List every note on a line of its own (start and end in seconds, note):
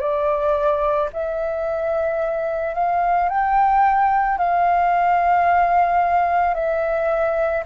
0.00 1.09 D5
1.14 2.75 E5
2.75 3.29 F5
3.29 4.38 G5
4.38 6.55 F5
6.55 7.64 E5